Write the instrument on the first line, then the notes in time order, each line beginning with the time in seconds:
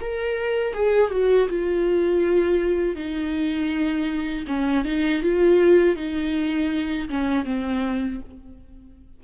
viola
0.00 A#4
0.74 G#4
1.11 F#4
1.49 F4
2.96 D#4
4.47 C#4
4.85 D#4
5.22 F4
5.96 D#4
7.09 C#4
7.45 C4